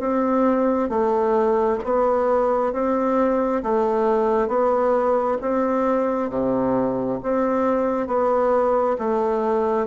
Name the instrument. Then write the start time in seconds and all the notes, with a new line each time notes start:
bassoon
0.00 C4
0.90 A3
1.84 B3
2.73 C4
3.63 A3
4.48 B3
5.41 C4
6.30 C3
7.23 C4
8.08 B3
8.98 A3